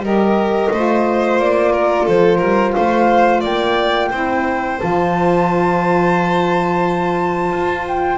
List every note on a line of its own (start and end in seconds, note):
0.00 0.68 G3
0.00 0.70 G4
0.00 0.72 A#4
0.00 1.39 D#5
0.71 1.39 A3
0.71 4.11 F4
0.71 1.72 C5
1.39 2.07 A#3
1.39 2.08 D5
1.72 2.05 A#4
2.05 2.40 F3
2.05 2.37 A4
2.05 2.73 C5
2.37 2.74 G3
2.37 2.72 A#4
2.73 3.43 A3
2.73 3.40 C5
2.73 3.41 F5
3.40 4.11 A#3
3.40 4.08 D5
3.40 4.79 G5
4.10 4.80 C4
4.10 4.78 E4
4.10 8.18 C5
4.78 7.52 F3
4.78 8.18 F4
4.78 7.86 A5
7.52 8.18 F4
7.87 8.18 G5